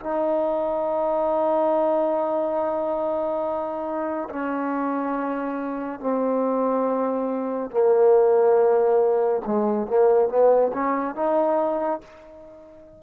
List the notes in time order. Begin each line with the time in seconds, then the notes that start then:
0.00 D#4
4.30 C#4
6.00 C4
7.71 A#3
9.46 G#3
9.87 A#3
10.29 B3
10.73 C#4
11.15 D#4